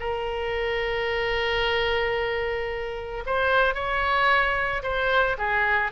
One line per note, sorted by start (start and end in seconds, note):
0.00 3.24 A#4
3.26 3.75 C5
3.75 4.83 C#5
4.83 5.37 C5
5.38 5.92 G#4